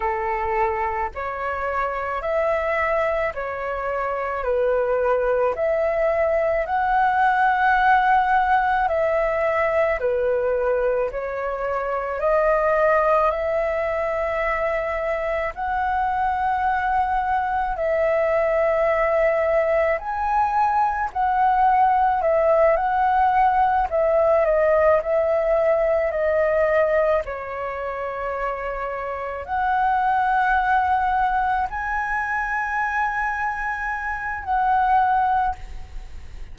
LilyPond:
\new Staff \with { instrumentName = "flute" } { \time 4/4 \tempo 4 = 54 a'4 cis''4 e''4 cis''4 | b'4 e''4 fis''2 | e''4 b'4 cis''4 dis''4 | e''2 fis''2 |
e''2 gis''4 fis''4 | e''8 fis''4 e''8 dis''8 e''4 dis''8~ | dis''8 cis''2 fis''4.~ | fis''8 gis''2~ gis''8 fis''4 | }